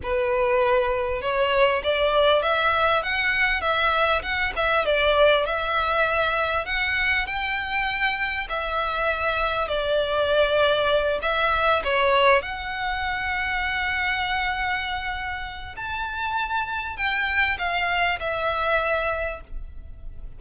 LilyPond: \new Staff \with { instrumentName = "violin" } { \time 4/4 \tempo 4 = 99 b'2 cis''4 d''4 | e''4 fis''4 e''4 fis''8 e''8 | d''4 e''2 fis''4 | g''2 e''2 |
d''2~ d''8 e''4 cis''8~ | cis''8 fis''2.~ fis''8~ | fis''2 a''2 | g''4 f''4 e''2 | }